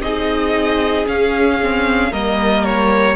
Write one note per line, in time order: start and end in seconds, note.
0.00 1.05 C4
0.00 1.06 D#4
0.00 2.12 G#4
0.00 1.07 D#5
1.06 1.59 C#4
1.06 2.12 C#4
1.06 2.13 F5
1.62 2.12 C4
2.12 3.16 G3
2.12 3.16 A#3
2.12 3.16 A#4
2.12 2.64 D#5
2.64 3.16 C#5